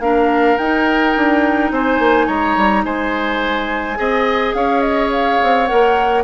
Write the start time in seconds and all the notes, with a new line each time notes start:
0.00 A#3 D4 A#4 F5
0.58 D#4 G5
1.17 D4
1.71 C4 C5 G#5
1.99 A#3
2.27 G#3 C#5 A#5
2.57 G3
2.84 G#3 C5 G#5
3.96 C4 G#4 D#5
4.54 C#4 C#5 F5
4.81 D#5
5.12 F5
5.43 C4
5.67 A#3 A#4 F#5